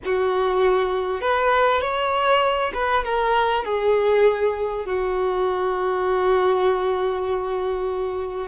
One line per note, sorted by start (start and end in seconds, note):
0.05 1.21 F#4
1.21 1.81 B4
1.81 2.72 C#5
2.74 3.04 B4
3.04 3.64 A#4
3.64 4.85 G#4
4.85 8.47 F#4